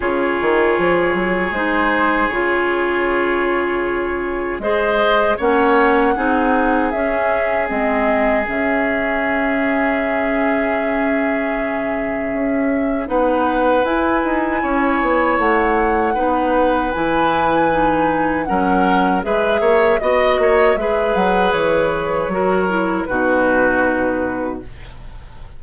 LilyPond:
<<
  \new Staff \with { instrumentName = "flute" } { \time 4/4 \tempo 4 = 78 cis''2 c''4 cis''4~ | cis''2 dis''4 fis''4~ | fis''4 e''4 dis''4 e''4~ | e''1~ |
e''4 fis''4 gis''2 | fis''2 gis''2 | fis''4 e''4 dis''4 e''8 fis''8 | cis''2 b'2 | }
  \new Staff \with { instrumentName = "oboe" } { \time 4/4 gis'1~ | gis'2 c''4 cis''4 | gis'1~ | gis'1~ |
gis'4 b'2 cis''4~ | cis''4 b'2. | ais'4 b'8 cis''8 dis''8 cis''8 b'4~ | b'4 ais'4 fis'2 | }
  \new Staff \with { instrumentName = "clarinet" } { \time 4/4 f'2 dis'4 f'4~ | f'2 gis'4 cis'4 | dis'4 cis'4 c'4 cis'4~ | cis'1~ |
cis'4 dis'4 e'2~ | e'4 dis'4 e'4 dis'4 | cis'4 gis'4 fis'4 gis'4~ | gis'4 fis'8 e'8 dis'2 | }
  \new Staff \with { instrumentName = "bassoon" } { \time 4/4 cis8 dis8 f8 fis8 gis4 cis4~ | cis2 gis4 ais4 | c'4 cis'4 gis4 cis4~ | cis1 |
cis'4 b4 e'8 dis'8 cis'8 b8 | a4 b4 e2 | fis4 gis8 ais8 b8 ais8 gis8 fis8 | e4 fis4 b,2 | }
>>